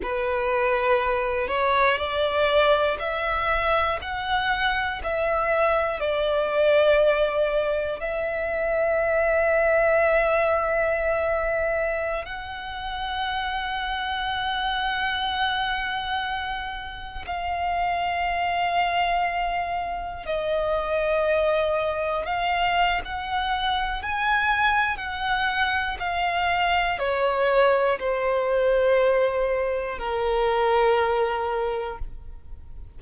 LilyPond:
\new Staff \with { instrumentName = "violin" } { \time 4/4 \tempo 4 = 60 b'4. cis''8 d''4 e''4 | fis''4 e''4 d''2 | e''1~ | e''16 fis''2.~ fis''8.~ |
fis''4~ fis''16 f''2~ f''8.~ | f''16 dis''2 f''8. fis''4 | gis''4 fis''4 f''4 cis''4 | c''2 ais'2 | }